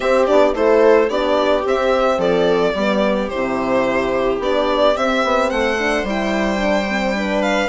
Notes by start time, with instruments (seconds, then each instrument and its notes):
0.00 horn C4, bassoon C4, viola G4, violin E5
0.26 bassoon B3, horn D4, violin D5
0.53 bassoon A3, horn E4, viola A4, violin C5
1.09 bassoon B3, horn D4, viola G4, violin D5
1.65 bassoon C4, horn C4, violin E5
2.18 bassoon F3, viola A4, violin D5
2.74 bassoon G3, horn B3, viola G4
3.29 bassoon C3, horn E4, violin C5
4.39 bassoon B3, horn D4, violin D5
4.94 horn C4, bassoon C4, violin E5
5.24 bassoon B3
5.50 bassoon A3, viola C5, violin F#5
5.78 horn D4
6.03 bassoon G3, horn E4, violin G5
6.57 horn D4
6.88 horn C4
7.14 horn D4, viola B4
7.42 violin F5